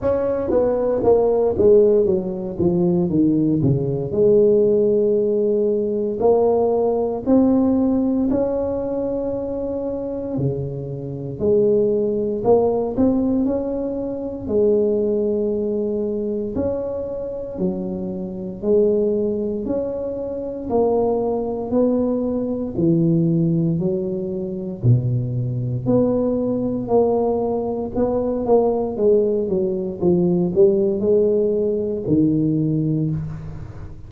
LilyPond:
\new Staff \with { instrumentName = "tuba" } { \time 4/4 \tempo 4 = 58 cis'8 b8 ais8 gis8 fis8 f8 dis8 cis8 | gis2 ais4 c'4 | cis'2 cis4 gis4 | ais8 c'8 cis'4 gis2 |
cis'4 fis4 gis4 cis'4 | ais4 b4 e4 fis4 | b,4 b4 ais4 b8 ais8 | gis8 fis8 f8 g8 gis4 dis4 | }